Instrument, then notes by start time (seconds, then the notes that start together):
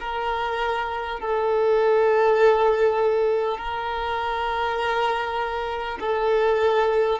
violin
0.00 A#4
1.20 A4
3.58 A#4
6.00 A4